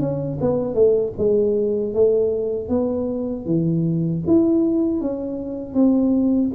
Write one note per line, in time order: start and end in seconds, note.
0.00 0.38 C#4
0.41 0.74 B3
0.74 1.13 A3
1.17 1.94 G#3
1.94 2.69 A3
2.69 3.45 B3
3.45 4.22 E3
4.27 5.01 E4
5.01 5.74 C#4
5.74 6.51 C4